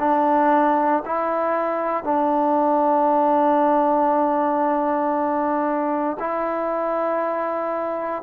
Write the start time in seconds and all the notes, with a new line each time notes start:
0.00 D4
1.06 E4
2.04 D4
6.20 E4